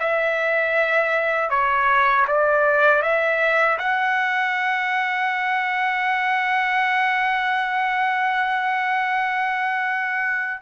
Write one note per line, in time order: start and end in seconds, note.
0.00 1.50 E5
1.50 2.26 C#5
2.28 3.03 D5
3.03 3.79 E5
3.79 10.62 F#5